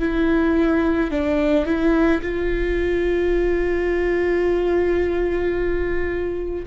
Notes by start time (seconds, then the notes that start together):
0.00 E4
1.11 D4
1.66 E4
2.22 F4